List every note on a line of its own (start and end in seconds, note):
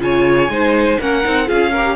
0.00 0.49 C#3
0.00 0.49 F4
0.00 0.52 C#5
0.00 1.00 G#5
0.49 0.98 G#3
0.49 0.99 D#4
0.49 1.00 C5
1.00 1.24 A#3
1.00 1.24 C#4
1.00 1.47 A#4
1.00 1.49 F#5
1.24 1.50 C4
1.24 1.46 D#4
1.46 1.96 C#4
1.46 1.71 F4
1.46 1.72 G#4
1.46 1.96 F5
1.72 1.96 G4
1.72 1.96 A#4